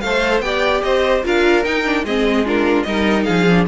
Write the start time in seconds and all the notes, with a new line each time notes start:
0.00 A3 C5 F5
0.07 A4
0.40 B3 G4 D5 G5
0.82 C4 C5 D#5
1.23 D4 F4 A#4 F5
1.64 D#4 G5
1.84 D4
2.03 G#3 C4 G#4 D#5
2.45 D4 F4 A#4
2.83 G3 D#4 A#4 D#5
3.24 F3 G#4 F5
3.49 D4